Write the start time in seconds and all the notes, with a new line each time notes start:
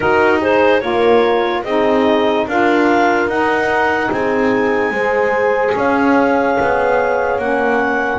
0.00 D#4 F#4 A#4
0.40 G#4 C5
0.80 A#3 F4 A#4 C#5
1.63 C4 D#4 G#4 D#5
2.47 D4 F4 A#4 F5
3.27 D#4 F#5
4.11 C4 G#4 G#5
4.91 G#3 G#4 C5
5.75 C#4 C#5 F5
6.60 B3
7.38 A#3 C#4 F#5